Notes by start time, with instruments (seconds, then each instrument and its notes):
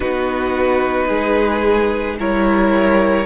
0.00 cello B3, viola D#4, violin F#4 B4
1.07 cello G#3, violin G#4
2.18 cello G3, viola E4, violin A#4 C#5